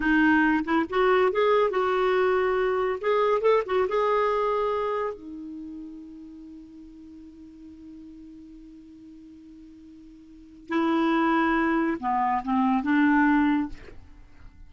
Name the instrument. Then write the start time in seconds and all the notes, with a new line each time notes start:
clarinet
0.00 D#4
0.64 E4
0.89 F#4
1.31 G#4
1.70 F#4
3.00 G#4
3.41 A4
3.66 F#4
3.88 G#4
5.14 D#4
10.69 E4
11.99 B3
12.44 C4
12.83 D4